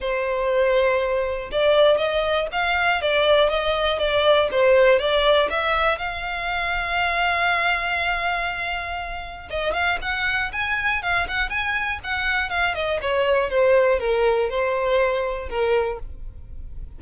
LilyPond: \new Staff \with { instrumentName = "violin" } { \time 4/4 \tempo 4 = 120 c''2. d''4 | dis''4 f''4 d''4 dis''4 | d''4 c''4 d''4 e''4 | f''1~ |
f''2. dis''8 f''8 | fis''4 gis''4 f''8 fis''8 gis''4 | fis''4 f''8 dis''8 cis''4 c''4 | ais'4 c''2 ais'4 | }